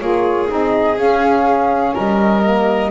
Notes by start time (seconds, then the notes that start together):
0.00 A#3 F4 G#4 C#5
0.48 C4 D#4 D#5
0.98 C#4 F5
1.94 G3 A#4 D#5
2.43 A#3